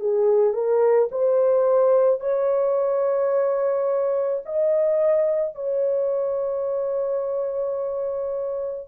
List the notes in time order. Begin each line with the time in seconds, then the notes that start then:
0.00 G#4
0.54 A#4
1.12 C5
2.21 C#5
4.46 D#5
5.56 C#5